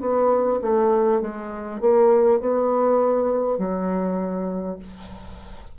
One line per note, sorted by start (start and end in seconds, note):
0.00 0.60 B3
0.62 1.21 A3
1.21 1.81 G#3
1.81 2.40 A#3
2.40 3.58 B3
3.58 4.78 F#3